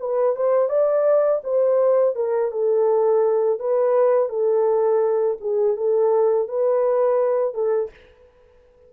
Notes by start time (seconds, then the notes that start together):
0.00 B4
0.36 C5
0.69 D5
1.44 C5
2.16 A#4
2.52 A4
3.60 B4
4.29 A4
5.41 G#4
5.77 A4
6.49 B4
7.54 A4